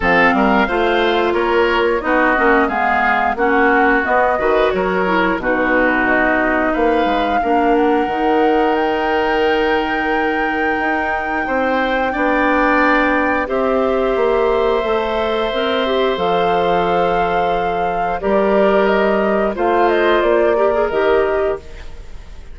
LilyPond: <<
  \new Staff \with { instrumentName = "flute" } { \time 4/4 \tempo 4 = 89 f''2 cis''4 dis''4 | f''4 fis''4 dis''4 cis''4 | b'4 dis''4 f''4. fis''8~ | fis''4 g''2.~ |
g''1 | e''1 | f''2. d''4 | dis''4 f''8 dis''8 d''4 dis''4 | }
  \new Staff \with { instrumentName = "oboe" } { \time 4/4 a'8 ais'8 c''4 ais'4 fis'4 | gis'4 fis'4. b'8 ais'4 | fis'2 b'4 ais'4~ | ais'1~ |
ais'4 c''4 d''2 | c''1~ | c''2. ais'4~ | ais'4 c''4. ais'4. | }
  \new Staff \with { instrumentName = "clarinet" } { \time 4/4 c'4 f'2 dis'8 cis'8 | b4 cis'4 b8 fis'4 e'8 | dis'2. d'4 | dis'1~ |
dis'2 d'2 | g'2 a'4 ais'8 g'8 | a'2. g'4~ | g'4 f'4. g'16 gis'16 g'4 | }
  \new Staff \with { instrumentName = "bassoon" } { \time 4/4 f8 g8 a4 ais4 b8 ais8 | gis4 ais4 b8 dis8 fis4 | b,2 ais8 gis8 ais4 | dis1 |
dis'4 c'4 b2 | c'4 ais4 a4 c'4 | f2. g4~ | g4 a4 ais4 dis4 | }
>>